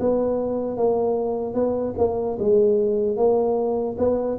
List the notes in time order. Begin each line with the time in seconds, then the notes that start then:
0.00 B3
0.77 A#3
1.54 B3
1.98 A#3
2.39 G#3
3.17 A#3
3.98 B3